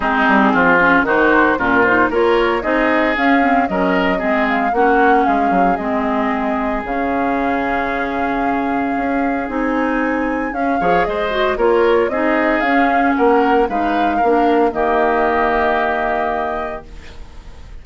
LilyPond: <<
  \new Staff \with { instrumentName = "flute" } { \time 4/4 \tempo 4 = 114 gis'2 c''4 ais'8 c''8 | cis''4 dis''4 f''4 dis''4~ | dis''8 f''8 fis''4 f''4 dis''4~ | dis''4 f''2.~ |
f''2 gis''2 | f''4 dis''4 cis''4 dis''4 | f''4 fis''4 f''2 | dis''1 | }
  \new Staff \with { instrumentName = "oboe" } { \time 4/4 dis'4 f'4 fis'4 f'4 | ais'4 gis'2 ais'4 | gis'4 fis'4 gis'2~ | gis'1~ |
gis'1~ | gis'8 cis''8 c''4 ais'4 gis'4~ | gis'4 ais'4 b'4 ais'4 | g'1 | }
  \new Staff \with { instrumentName = "clarinet" } { \time 4/4 c'4. cis'8 dis'4 cis'8 dis'8 | f'4 dis'4 cis'8 c'8 cis'4 | c'4 cis'2 c'4~ | c'4 cis'2.~ |
cis'2 dis'2 | cis'8 gis'4 fis'8 f'4 dis'4 | cis'2 dis'4 d'4 | ais1 | }
  \new Staff \with { instrumentName = "bassoon" } { \time 4/4 gis8 g8 f4 dis4 ais,4 | ais4 c'4 cis'4 fis4 | gis4 ais4 gis8 fis8 gis4~ | gis4 cis2.~ |
cis4 cis'4 c'2 | cis'8 f8 gis4 ais4 c'4 | cis'4 ais4 gis4 ais4 | dis1 | }
>>